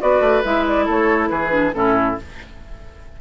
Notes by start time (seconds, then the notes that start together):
0.00 B3 F#4 B4 D5
0.21 A3
0.45 G#3 E4 E5
0.68 D5
0.85 A3 A4 C#5
1.29 E3 G#4 B4
1.50 D4
1.74 A2 C#4 E4 A4